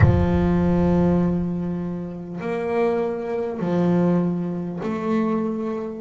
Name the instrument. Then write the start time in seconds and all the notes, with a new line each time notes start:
double bass
0.00 F3
2.40 A#3
3.59 F3
4.82 A3